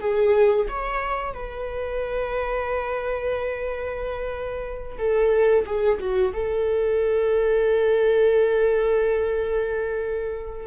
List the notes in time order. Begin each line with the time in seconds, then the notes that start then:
0.00 G#4
0.69 C#5
1.34 B4
4.99 A4
5.66 G#4
6.00 F#4
6.33 A4